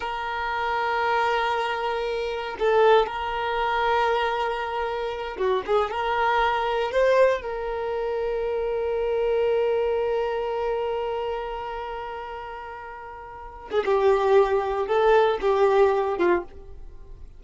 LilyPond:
\new Staff \with { instrumentName = "violin" } { \time 4/4 \tempo 4 = 117 ais'1~ | ais'4 a'4 ais'2~ | ais'2~ ais'8 fis'8 gis'8 ais'8~ | ais'4. c''4 ais'4.~ |
ais'1~ | ais'1~ | ais'2~ ais'8. gis'16 g'4~ | g'4 a'4 g'4. f'8 | }